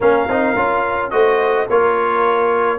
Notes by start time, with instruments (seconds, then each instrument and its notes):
0.00 tuba A#3, trombone C#4, horn A#4, trumpet F5
0.27 tuba C4, trombone D#4
0.56 tuba C#4, trombone F4
1.10 tuba A3, trombone F#4, horn C5, trumpet D#5
1.69 tuba A#3, trombone F4, horn A#4, trumpet C#5